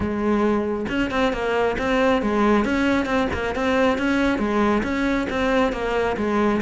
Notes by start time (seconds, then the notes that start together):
0.00 G#3
0.88 C#4
1.10 C4
1.32 A#3
1.78 C4
2.22 G#3
2.64 C#4
3.05 C4
3.33 A#3
3.55 C4
3.98 C#4
4.38 G#3
4.83 C#4
5.29 C4
5.72 A#3
6.16 G#3